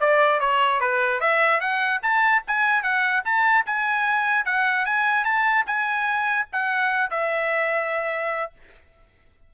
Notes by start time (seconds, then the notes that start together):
0.00 D5
0.40 C#5
0.80 B4
1.20 E5
1.60 F#5
2.02 A5
2.47 G#5
2.82 F#5
3.25 A5
3.66 G#5
4.45 F#5
4.85 G#5
5.24 A5
5.66 G#5
6.52 F#5
7.10 E5